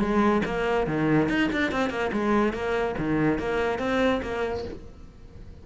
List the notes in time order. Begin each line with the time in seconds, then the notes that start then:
0.00 G#3
0.45 A#3
0.87 D#3
1.29 D#4
1.52 D4
1.72 C4
1.90 A#3
2.13 G#3
2.53 A#3
2.98 D#3
3.39 A#3
3.79 C4
4.23 A#3